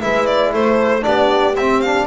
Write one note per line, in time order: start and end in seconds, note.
0.00 0.53 G#3
0.00 1.01 E4
0.00 0.52 B4
0.00 0.26 E5
0.26 0.52 D5
0.52 1.05 A3
0.52 1.04 A4
0.52 1.04 C5
1.01 1.55 B3
1.01 1.53 D4
1.01 2.07 G4
1.01 1.55 D5
1.55 2.07 C4
1.55 1.85 C4
1.55 1.81 E5
1.81 2.07 D4
1.81 2.07 F5